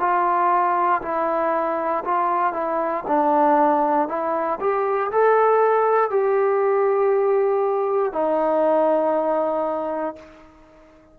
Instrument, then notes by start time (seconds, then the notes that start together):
trombone
0.00 F4
1.02 E4
2.05 F4
2.53 E4
3.08 D4
4.09 E4
4.60 G4
5.12 A4
6.11 G4
8.13 D#4